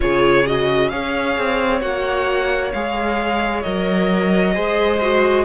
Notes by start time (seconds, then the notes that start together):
0.00 C#3 F4 G#4 C#5
0.46 F#4 D#5
0.89 C#4 G#4 C#5 F5
1.37 C4
1.81 A#3 F#4 F#5
2.72 G#3 G#4 F5
3.62 F#3 A#4 D#5
4.52 G#3 G#4 C5
5.01 F#4